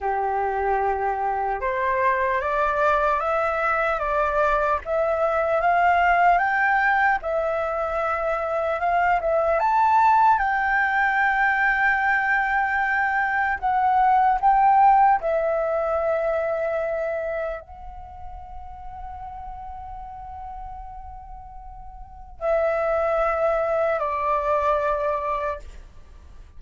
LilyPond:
\new Staff \with { instrumentName = "flute" } { \time 4/4 \tempo 4 = 75 g'2 c''4 d''4 | e''4 d''4 e''4 f''4 | g''4 e''2 f''8 e''8 | a''4 g''2.~ |
g''4 fis''4 g''4 e''4~ | e''2 fis''2~ | fis''1 | e''2 d''2 | }